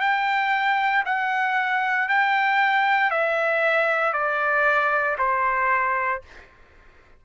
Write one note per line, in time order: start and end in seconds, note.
0.00 1.03 G5
1.05 2.08 F#5
2.08 3.10 G5
3.10 4.13 E5
4.13 5.16 D5
5.18 6.22 C5